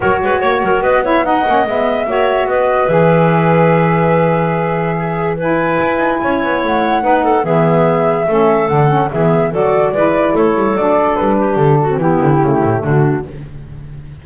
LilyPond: <<
  \new Staff \with { instrumentName = "flute" } { \time 4/4 \tempo 4 = 145 cis''2 dis''8 e''8 fis''4 | e''2 dis''4 e''4~ | e''1~ | e''4 gis''2. |
fis''2 e''2~ | e''4 fis''4 e''4 d''4~ | d''4 cis''4 d''4 b'4 | a'4 g'2 fis'4 | }
  \new Staff \with { instrumentName = "clarinet" } { \time 4/4 ais'8 b'8 cis''8 ais'8 b'8 cis''8 dis''4~ | dis''4 cis''4 b'2~ | b'1 | gis'4 b'2 cis''4~ |
cis''4 b'8 a'8 gis'2 | a'2 gis'4 a'4 | b'4 a'2~ a'8 g'8~ | g'8 fis'8 e'2 d'4 | }
  \new Staff \with { instrumentName = "saxophone" } { \time 4/4 fis'2~ fis'8 e'8 dis'8 cis'8 | b4 fis'2 gis'4~ | gis'1~ | gis'4 e'2.~ |
e'4 dis'4 b2 | cis'4 d'8 cis'8 b4 fis'4 | e'2 d'2~ | d'8. c'16 b4 a2 | }
  \new Staff \with { instrumentName = "double bass" } { \time 4/4 fis8 gis8 ais8 fis8 b4. ais8 | gis4 ais4 b4 e4~ | e1~ | e2 e'8 dis'8 cis'8 b8 |
a4 b4 e2 | a4 d4 e4 fis4 | gis4 a8 g8 fis4 g4 | d4 e8 d8 cis8 a,8 d4 | }
>>